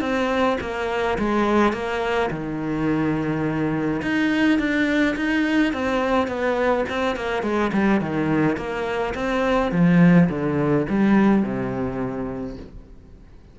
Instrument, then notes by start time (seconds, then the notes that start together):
cello
0.00 C4
0.61 A#3
1.18 G#3
1.72 A#3
2.30 D#3
4.02 D#4
4.58 D4
5.16 D#4
5.73 C4
6.28 B3
6.89 C4
7.16 A#3
7.43 G#3
7.72 G3
8.01 D#3
8.56 A#3
9.14 C4
9.71 F3
10.29 D3
10.89 G3
11.42 C3